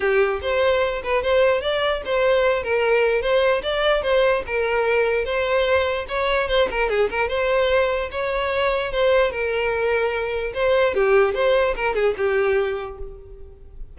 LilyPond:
\new Staff \with { instrumentName = "violin" } { \time 4/4 \tempo 4 = 148 g'4 c''4. b'8 c''4 | d''4 c''4. ais'4. | c''4 d''4 c''4 ais'4~ | ais'4 c''2 cis''4 |
c''8 ais'8 gis'8 ais'8 c''2 | cis''2 c''4 ais'4~ | ais'2 c''4 g'4 | c''4 ais'8 gis'8 g'2 | }